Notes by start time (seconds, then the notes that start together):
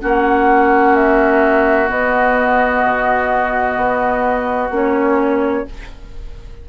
0.00 A#3 C#4 F#4 F#5
0.95 E5
1.87 B3 D#5
2.84 B2
3.76 B3
4.70 A#3 C#4 C#5